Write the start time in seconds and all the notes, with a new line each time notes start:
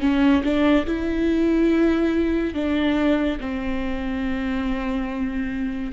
0.00 C#4
0.43 D4
0.86 E4
2.54 D4
3.40 C4